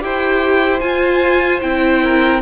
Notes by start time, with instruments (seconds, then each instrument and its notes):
0.00 cello E4, viola G4, violin C5 G5
0.80 viola F4, cello F4, violin G#5
1.62 cello C4, viola E4, violin G5
2.03 violin A#4